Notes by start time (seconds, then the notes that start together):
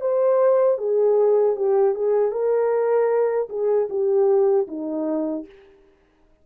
0.00 C5
0.78 G#4
1.55 G4
1.94 G#4
2.31 A#4
3.49 G#4
3.89 G4
4.67 D#4